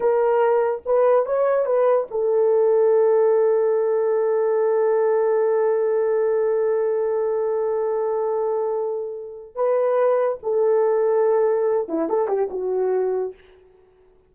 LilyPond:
\new Staff \with { instrumentName = "horn" } { \time 4/4 \tempo 4 = 144 ais'2 b'4 cis''4 | b'4 a'2.~ | a'1~ | a'1~ |
a'1~ | a'2. b'4~ | b'4 a'2.~ | a'8 e'8 a'8 g'8 fis'2 | }